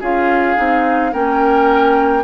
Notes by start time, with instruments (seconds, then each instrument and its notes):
0.00 bassoon C#4, clarinet F4, oboe G#4, flute F5
0.56 bassoon C4, clarinet D#4
1.13 bassoon A#3, clarinet C#4, oboe A#4, flute G5